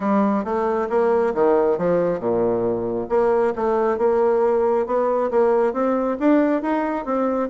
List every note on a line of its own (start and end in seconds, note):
0.00 0.44 G3
0.44 0.88 A3
0.89 1.33 A#3
1.34 1.77 D#3
1.77 2.19 F3
2.19 3.07 A#2
3.09 3.53 A#3
3.55 3.98 A3
3.98 4.86 A#3
4.86 5.30 B3
5.30 5.73 A#3
5.73 6.17 C4
6.19 6.62 D4
6.62 7.05 D#4
7.05 7.49 C4